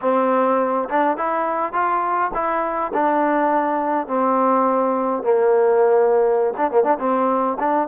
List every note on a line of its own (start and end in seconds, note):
0.01 0.88 C4
0.89 1.17 D4
1.17 1.72 E4
1.72 2.31 F4
2.34 2.92 E4
2.93 4.07 D4
4.07 5.23 C4
5.23 6.54 A#3
6.57 6.71 D4
6.71 6.83 A#3
6.83 6.98 D4
6.99 7.57 C4
7.59 7.88 D4